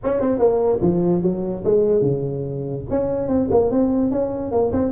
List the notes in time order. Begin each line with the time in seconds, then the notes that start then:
0.03 C#4
0.20 C4
0.38 A#3
0.81 F3
1.22 F#3
1.64 G#3
2.01 C#3
2.90 C#4
3.28 C4
3.51 A#3
3.70 C4
4.11 C#4
4.51 A#3
4.72 C4